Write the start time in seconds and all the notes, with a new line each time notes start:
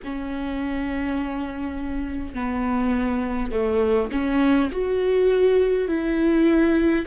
0.04 C#4
2.34 B3
3.51 A3
4.11 C#4
4.71 F#4
5.88 E4